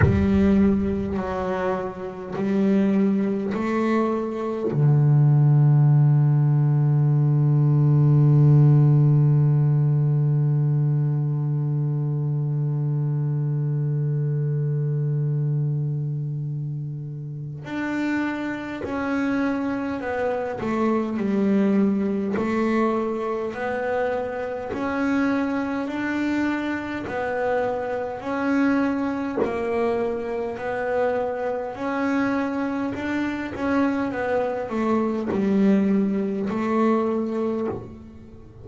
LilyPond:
\new Staff \with { instrumentName = "double bass" } { \time 4/4 \tempo 4 = 51 g4 fis4 g4 a4 | d1~ | d1~ | d2. d'4 |
cis'4 b8 a8 g4 a4 | b4 cis'4 d'4 b4 | cis'4 ais4 b4 cis'4 | d'8 cis'8 b8 a8 g4 a4 | }